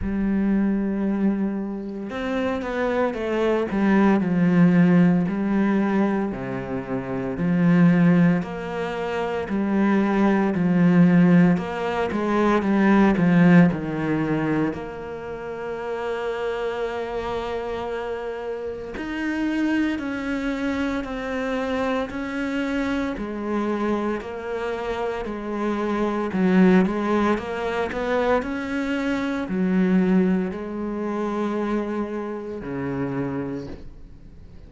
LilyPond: \new Staff \with { instrumentName = "cello" } { \time 4/4 \tempo 4 = 57 g2 c'8 b8 a8 g8 | f4 g4 c4 f4 | ais4 g4 f4 ais8 gis8 | g8 f8 dis4 ais2~ |
ais2 dis'4 cis'4 | c'4 cis'4 gis4 ais4 | gis4 fis8 gis8 ais8 b8 cis'4 | fis4 gis2 cis4 | }